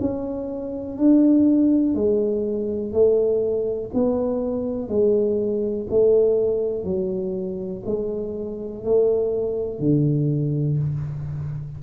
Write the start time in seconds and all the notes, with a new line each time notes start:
0.00 C#4
0.97 D4
1.94 G#3
2.92 A3
3.93 B3
4.88 G#3
5.90 A3
6.84 F#3
7.86 G#3
8.84 A3
9.79 D3